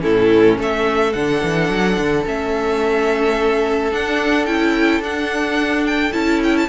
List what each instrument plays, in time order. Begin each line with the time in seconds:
0.00 cello A2, viola C#4, violin E4 A4
0.58 cello A3, violin A4 E5
1.13 cello D3, viola D4, violin F#5
1.44 cello E3
1.70 cello F#3
1.98 cello D3
2.26 cello A3, viola C#4, violin E5
3.92 viola D4, cello D4, violin F#5
4.46 cello C#4, viola E4, violin G5
5.00 cello D4, viola D4, violin F#5
5.87 violin G5
6.12 cello C#4, viola E4, violin A5
6.44 violin G5
6.58 violin A5